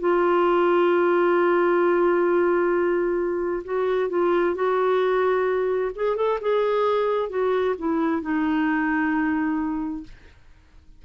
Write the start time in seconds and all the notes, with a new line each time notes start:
0.00 F4
3.64 F#4
4.10 F4
4.55 F#4
5.96 G#4
6.17 A4
6.42 G#4
7.30 F#4
7.79 E4
8.22 D#4